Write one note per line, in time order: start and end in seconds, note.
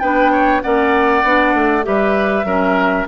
0.00 0.64 B3
0.00 0.63 D4
0.00 0.32 B4
0.00 0.61 G5
0.32 0.62 C#5
0.62 1.24 A#3
0.62 1.24 C#4
0.62 1.86 D5
0.62 1.85 F#5
1.24 1.54 B3
1.24 1.83 D4
1.54 1.85 A3
1.83 2.45 G3
1.83 2.44 G4
1.83 2.46 B4
1.83 3.08 E5
2.45 3.06 F#3
2.45 3.07 C#4
2.45 3.07 A#4